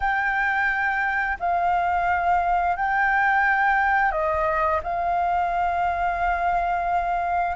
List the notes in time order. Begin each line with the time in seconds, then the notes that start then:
0.00 G5
1.39 F5
2.76 G5
4.11 D#5
4.83 F5